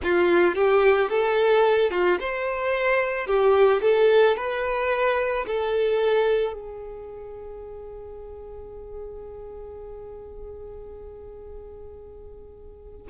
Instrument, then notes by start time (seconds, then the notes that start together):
violin
0.03 F4
0.55 G4
1.09 A4
1.90 F4
2.20 C5
3.27 G4
3.81 A4
4.36 B4
5.46 A4
6.53 G#4